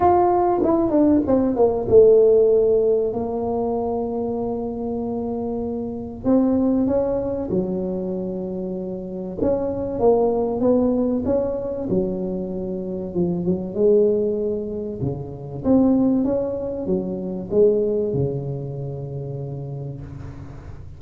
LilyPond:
\new Staff \with { instrumentName = "tuba" } { \time 4/4 \tempo 4 = 96 f'4 e'8 d'8 c'8 ais8 a4~ | a4 ais2.~ | ais2 c'4 cis'4 | fis2. cis'4 |
ais4 b4 cis'4 fis4~ | fis4 f8 fis8 gis2 | cis4 c'4 cis'4 fis4 | gis4 cis2. | }